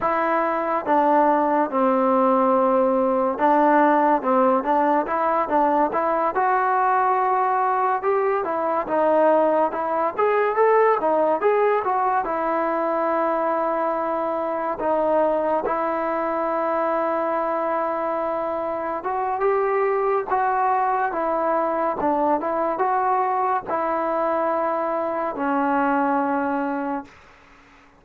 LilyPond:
\new Staff \with { instrumentName = "trombone" } { \time 4/4 \tempo 4 = 71 e'4 d'4 c'2 | d'4 c'8 d'8 e'8 d'8 e'8 fis'8~ | fis'4. g'8 e'8 dis'4 e'8 | gis'8 a'8 dis'8 gis'8 fis'8 e'4.~ |
e'4. dis'4 e'4.~ | e'2~ e'8 fis'8 g'4 | fis'4 e'4 d'8 e'8 fis'4 | e'2 cis'2 | }